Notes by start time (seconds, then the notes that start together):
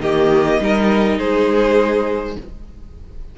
0.00 D#3 A#3 G4 D#5
0.60 G3 D#4 A#4
1.18 G#3 G#4 C5